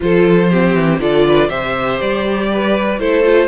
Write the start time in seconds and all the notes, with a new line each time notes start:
0.00 F3 F4 A4 C5
0.49 C4 G4
0.74 E3
0.99 D3 F4 A4 D5
1.27 B4
1.48 C3 G4 C5 E5
2.00 G3 D5
2.52 B4
2.99 A3 E4 A4 C5
3.23 F4